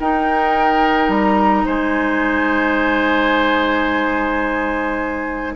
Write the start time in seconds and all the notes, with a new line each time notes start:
0.00 D#4 A#4 G5
1.09 G3 A#5
1.66 G#3 C5 G#5